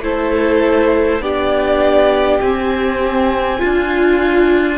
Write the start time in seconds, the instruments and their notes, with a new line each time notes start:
0.00 cello A3, viola E4, violin A4 C5
1.20 cello B3, viola D4, violin G4 D5
2.41 cello C4, viola C4, violin G#5
3.60 cello D4, violin F4, viola F4